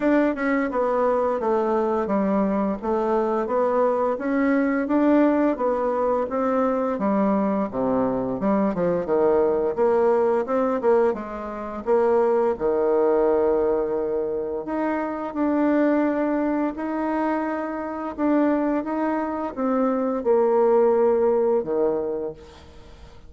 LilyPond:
\new Staff \with { instrumentName = "bassoon" } { \time 4/4 \tempo 4 = 86 d'8 cis'8 b4 a4 g4 | a4 b4 cis'4 d'4 | b4 c'4 g4 c4 | g8 f8 dis4 ais4 c'8 ais8 |
gis4 ais4 dis2~ | dis4 dis'4 d'2 | dis'2 d'4 dis'4 | c'4 ais2 dis4 | }